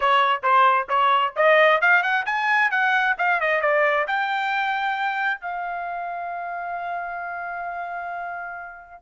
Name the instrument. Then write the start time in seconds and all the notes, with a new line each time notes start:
trumpet
0.00 C#5
0.42 C5
0.88 C#5
1.36 D#5
1.81 F5
2.02 F#5
2.25 G#5
2.70 F#5
3.18 F5
3.40 D#5
3.61 D5
4.07 G5
5.41 F5